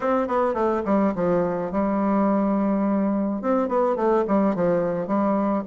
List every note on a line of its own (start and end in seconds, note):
0.00 0.27 C4
0.27 0.54 B3
0.54 0.82 A3
0.85 1.13 G3
1.15 1.71 F3
1.71 3.41 G3
3.41 3.68 C4
3.68 3.96 B3
3.96 4.24 A3
4.27 4.55 G3
4.55 5.07 F3
5.07 5.63 G3